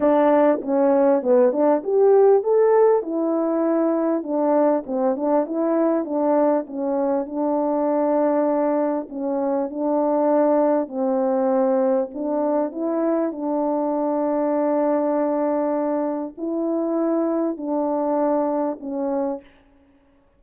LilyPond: \new Staff \with { instrumentName = "horn" } { \time 4/4 \tempo 4 = 99 d'4 cis'4 b8 d'8 g'4 | a'4 e'2 d'4 | c'8 d'8 e'4 d'4 cis'4 | d'2. cis'4 |
d'2 c'2 | d'4 e'4 d'2~ | d'2. e'4~ | e'4 d'2 cis'4 | }